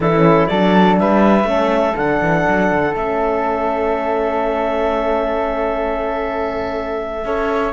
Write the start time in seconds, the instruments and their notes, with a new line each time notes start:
0.00 cello E3, horn D4, flute E4, clarinet A4
0.13 horn C#4
0.46 cello F#3, flute A4, clarinet D5
0.52 horn D4
0.98 cello G3, flute B4, clarinet E5
1.44 cello A3, horn C#4, flute A4
1.96 cello D3, horn D4, clarinet F#5
2.21 cello E3
2.48 cello F#3
2.72 cello D3
2.95 cello A3, horn C#4, clarinet E5
7.24 cello C#4, horn A4, flute C#5